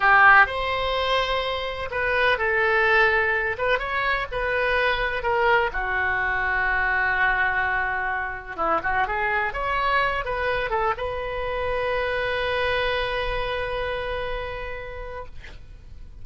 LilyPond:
\new Staff \with { instrumentName = "oboe" } { \time 4/4 \tempo 4 = 126 g'4 c''2. | b'4 a'2~ a'8 b'8 | cis''4 b'2 ais'4 | fis'1~ |
fis'2 e'8 fis'8 gis'4 | cis''4. b'4 a'8 b'4~ | b'1~ | b'1 | }